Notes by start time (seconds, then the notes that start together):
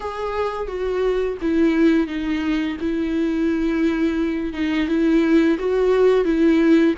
0.00 G#4
0.67 F#4
1.41 E4
2.07 D#4
2.80 E4
4.53 D#4
4.88 E4
5.58 F#4
6.24 E4